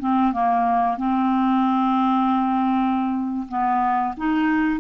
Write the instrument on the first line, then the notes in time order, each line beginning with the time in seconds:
clarinet
0.00 C4
0.33 A#3
0.98 C4
3.48 B3
4.17 D#4